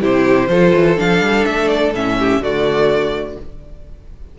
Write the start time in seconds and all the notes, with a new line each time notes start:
0.00 C3 E4 G4 C5
0.48 F3 F4 A4
0.74 E3
0.97 F3 D4 F5
1.21 G3
1.45 A3 E5
1.68 D5
1.94 A2 C#4 E5
2.18 G4
2.40 D3 A3 F#4 D5